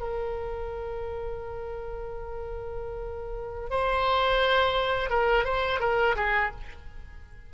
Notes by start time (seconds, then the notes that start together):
0.00 A#4
3.70 C5
5.10 A#4
5.44 C5
5.80 A#4
6.15 G#4